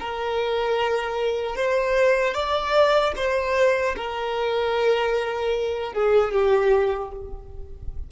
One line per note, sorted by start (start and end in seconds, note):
0.00 1.56 A#4
1.56 2.35 C5
2.35 3.14 D5
3.17 3.96 C5
3.97 5.94 A#4
5.94 6.33 G#4
6.33 7.12 G4